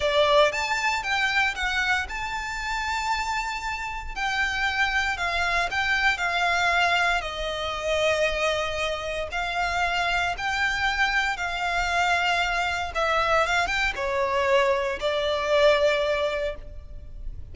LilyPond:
\new Staff \with { instrumentName = "violin" } { \time 4/4 \tempo 4 = 116 d''4 a''4 g''4 fis''4 | a''1 | g''2 f''4 g''4 | f''2 dis''2~ |
dis''2 f''2 | g''2 f''2~ | f''4 e''4 f''8 g''8 cis''4~ | cis''4 d''2. | }